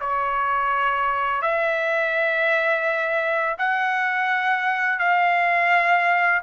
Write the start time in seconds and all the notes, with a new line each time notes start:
0.00 C#5
1.42 E5
3.58 F#5
4.99 F5